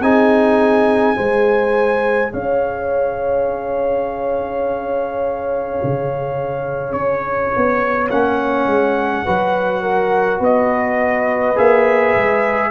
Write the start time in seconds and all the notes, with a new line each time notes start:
0.00 C4 D#4 G#4 G#5
1.15 G#3 G#4 C5
2.32 C#4 C#5 F5
5.83 C#3
6.92 C#4 C#5
7.56 B3
8.10 A#3 C#4 F#5
8.66 G#3
9.25 F#3 F#4 B4
9.82 A#4
10.39 B3 B4 D#5
11.56 A#3 G#4 E5
12.16 G#3